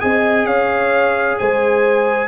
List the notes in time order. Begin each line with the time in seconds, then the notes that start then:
0.00 C4 G#4 D#5 G#5
0.45 C#4 C#5 F5
1.38 G#3 C5 G#5